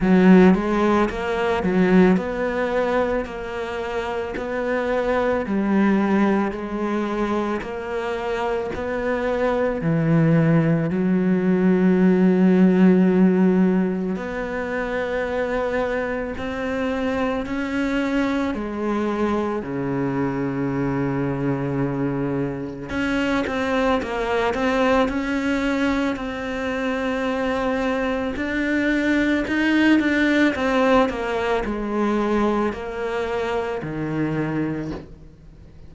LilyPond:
\new Staff \with { instrumentName = "cello" } { \time 4/4 \tempo 4 = 55 fis8 gis8 ais8 fis8 b4 ais4 | b4 g4 gis4 ais4 | b4 e4 fis2~ | fis4 b2 c'4 |
cis'4 gis4 cis2~ | cis4 cis'8 c'8 ais8 c'8 cis'4 | c'2 d'4 dis'8 d'8 | c'8 ais8 gis4 ais4 dis4 | }